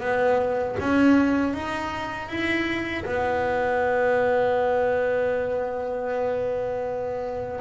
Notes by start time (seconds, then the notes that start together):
0.00 B3
0.79 C#4
1.54 D#4
2.28 E4
3.04 B3